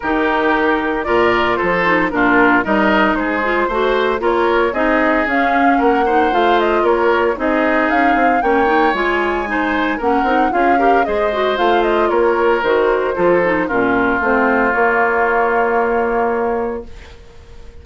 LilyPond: <<
  \new Staff \with { instrumentName = "flute" } { \time 4/4 \tempo 4 = 114 ais'2 d''4 c''4 | ais'4 dis''4 c''2 | cis''4 dis''4 f''4 fis''4 | f''8 dis''8 cis''4 dis''4 f''4 |
g''4 gis''2 fis''4 | f''4 dis''4 f''8 dis''8 cis''4 | c''2 ais'4 c''4 | cis''1 | }
  \new Staff \with { instrumentName = "oboe" } { \time 4/4 g'2 ais'4 a'4 | f'4 ais'4 gis'4 c''4 | ais'4 gis'2 ais'8 c''8~ | c''4 ais'4 gis'2 |
cis''2 c''4 ais'4 | gis'8 ais'8 c''2 ais'4~ | ais'4 a'4 f'2~ | f'1 | }
  \new Staff \with { instrumentName = "clarinet" } { \time 4/4 dis'2 f'4. dis'8 | d'4 dis'4. f'8 fis'4 | f'4 dis'4 cis'4. dis'8 | f'2 dis'2 |
cis'8 dis'8 f'4 dis'4 cis'8 dis'8 | f'8 g'8 gis'8 fis'8 f'2 | fis'4 f'8 dis'8 cis'4 c'4 | ais1 | }
  \new Staff \with { instrumentName = "bassoon" } { \time 4/4 dis2 ais,4 f4 | ais,4 g4 gis4 a4 | ais4 c'4 cis'4 ais4 | a4 ais4 c'4 cis'8 c'8 |
ais4 gis2 ais8 c'8 | cis'4 gis4 a4 ais4 | dis4 f4 ais,4 a4 | ais1 | }
>>